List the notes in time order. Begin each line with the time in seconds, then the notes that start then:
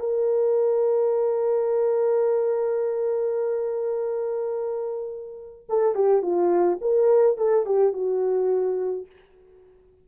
0.00 A#4
5.69 A4
5.96 G4
6.23 F4
6.82 A#4
7.38 A4
7.66 G4
7.93 F#4